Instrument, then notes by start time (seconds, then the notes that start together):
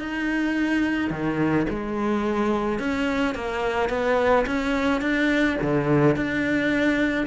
cello
0.00 D#4
1.11 D#3
1.70 G#3
2.80 C#4
3.35 A#3
3.89 B3
4.47 C#4
5.02 D4
5.62 D3
6.16 D4